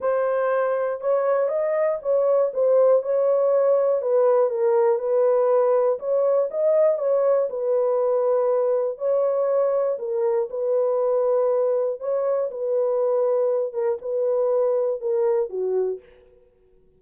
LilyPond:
\new Staff \with { instrumentName = "horn" } { \time 4/4 \tempo 4 = 120 c''2 cis''4 dis''4 | cis''4 c''4 cis''2 | b'4 ais'4 b'2 | cis''4 dis''4 cis''4 b'4~ |
b'2 cis''2 | ais'4 b'2. | cis''4 b'2~ b'8 ais'8 | b'2 ais'4 fis'4 | }